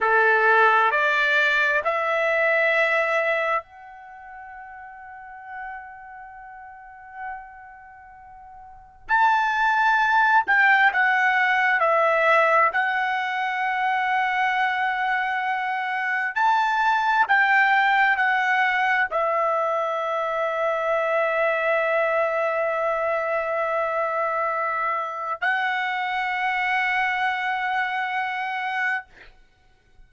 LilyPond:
\new Staff \with { instrumentName = "trumpet" } { \time 4/4 \tempo 4 = 66 a'4 d''4 e''2 | fis''1~ | fis''2 a''4. g''8 | fis''4 e''4 fis''2~ |
fis''2 a''4 g''4 | fis''4 e''2.~ | e''1 | fis''1 | }